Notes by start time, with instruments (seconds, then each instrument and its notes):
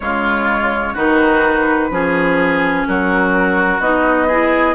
0.00 bassoon C#3, clarinet G#3, oboe F4, flute C#5
0.93 bassoon D#3, clarinet D#4, oboe F#4, flute B4
1.90 bassoon F3, clarinet C#4, oboe G#4
2.86 bassoon F#3, oboe F#4, flute A#4
3.79 bassoon B3, clarinet D#4, flute D#5
4.27 clarinet E4, oboe G#4